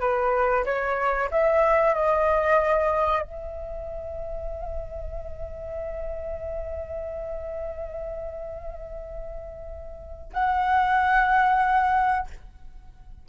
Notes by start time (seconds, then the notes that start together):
0.00 B4
0.65 C#5
1.31 E5
1.94 D#5
3.22 E5
10.33 F#5